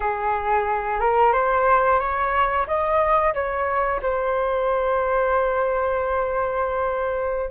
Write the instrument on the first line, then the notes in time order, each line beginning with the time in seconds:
flute
0.00 G#4
1.00 A#4
1.32 C5
1.99 C#5
2.67 D#5
3.34 C#5
4.02 C5